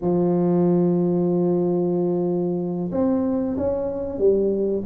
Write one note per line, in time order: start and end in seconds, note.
0.01 2.91 F3
2.91 3.56 C4
3.57 4.18 C#4
4.18 4.82 G3